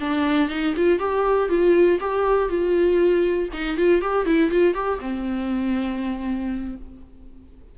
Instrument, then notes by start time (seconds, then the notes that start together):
viola
0.00 D4
0.49 D#4
0.76 F4
0.99 G4
1.49 F4
2.00 G4
2.49 F4
3.52 D#4
3.77 F4
4.01 G4
4.25 E4
4.50 F4
4.74 G4
5.00 C4